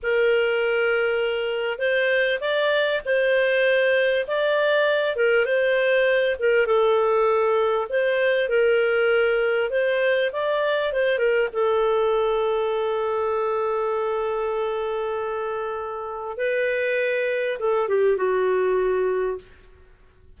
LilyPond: \new Staff \with { instrumentName = "clarinet" } { \time 4/4 \tempo 4 = 99 ais'2. c''4 | d''4 c''2 d''4~ | d''8 ais'8 c''4. ais'8 a'4~ | a'4 c''4 ais'2 |
c''4 d''4 c''8 ais'8 a'4~ | a'1~ | a'2. b'4~ | b'4 a'8 g'8 fis'2 | }